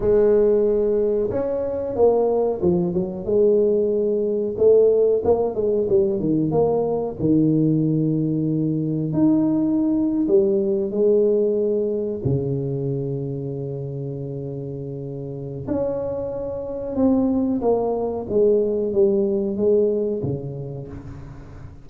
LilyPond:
\new Staff \with { instrumentName = "tuba" } { \time 4/4 \tempo 4 = 92 gis2 cis'4 ais4 | f8 fis8 gis2 a4 | ais8 gis8 g8 dis8 ais4 dis4~ | dis2 dis'4.~ dis'16 g16~ |
g8. gis2 cis4~ cis16~ | cis1 | cis'2 c'4 ais4 | gis4 g4 gis4 cis4 | }